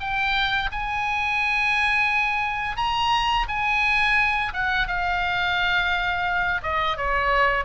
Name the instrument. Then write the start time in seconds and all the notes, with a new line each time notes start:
oboe
0.00 G5
0.71 G#5
2.76 A#5
3.48 G#5
4.53 F#5
4.87 F5
6.62 D#5
6.97 C#5